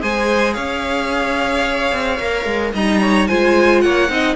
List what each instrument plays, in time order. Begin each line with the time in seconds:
0.00 cello G#3, viola G#4, violin C5 G#5
0.54 cello C#4, violin C#5 F5
1.92 cello C4
2.20 cello A#3, viola A#4
2.45 cello G#3
2.73 cello G3, viola D#4, violin D#5 A#5
3.01 violin C#5
3.27 cello G#3, viola F4, violin C5 G#5
3.81 cello A#3, violin C#5 F#5
4.09 cello C4, viola D#4, violin D#5